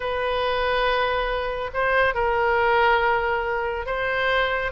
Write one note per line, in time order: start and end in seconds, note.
0.00 1.70 B4
1.73 2.14 C5
2.14 3.86 A#4
3.86 4.71 C5